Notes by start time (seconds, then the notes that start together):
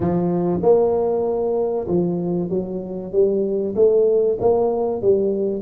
0.00 F3
0.62 A#3
1.87 F3
2.49 F#3
3.12 G3
3.75 A3
4.40 A#3
5.01 G3